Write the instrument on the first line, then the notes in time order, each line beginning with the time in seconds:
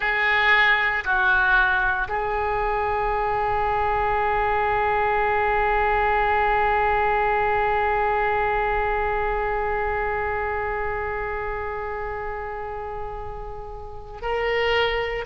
oboe
0.00 G#4
1.04 F#4
2.08 G#4
14.21 A#4